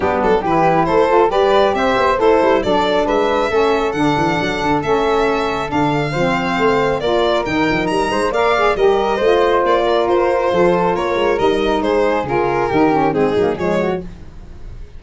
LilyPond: <<
  \new Staff \with { instrumentName = "violin" } { \time 4/4 \tempo 4 = 137 g'8 a'8 b'4 c''4 d''4 | e''4 c''4 d''4 e''4~ | e''4 fis''2 e''4~ | e''4 f''2. |
d''4 g''4 ais''4 f''4 | dis''2 d''4 c''4~ | c''4 cis''4 dis''4 c''4 | ais'2 gis'4 cis''4 | }
  \new Staff \with { instrumentName = "flute" } { \time 4/4 d'4 g'4 a'4 b'4 | c''4 e'4 a'4 b'4 | a'1~ | a'2 c''2 |
ais'2~ ais'8 c''8 d''4 | ais'4 c''4. ais'4. | a'4 ais'2 gis'4~ | gis'4 g'4 dis'4 gis'8 fis'8 | }
  \new Staff \with { instrumentName = "saxophone" } { \time 4/4 b4 e'4. f'8 g'4~ | g'4 a'4 d'2 | cis'4 d'2 cis'4~ | cis'4 d'4 c'2 |
f'4 dis'2 ais'8 gis'8 | g'4 f'2.~ | f'2 dis'2 | f'4 dis'8 cis'8 c'8 ais8 gis4 | }
  \new Staff \with { instrumentName = "tuba" } { \time 4/4 g8 fis8 e4 a4 g4 | c'8 b8 a8 g8 fis4 gis4 | a4 d8 e8 fis8 d8 a4~ | a4 d4 f4 a4 |
ais4 dis8 f8 g8 gis8 ais4 | g4 a4 ais4 f'4 | f4 ais8 gis8 g4 gis4 | cis4 dis4 gis8 fis8 f4 | }
>>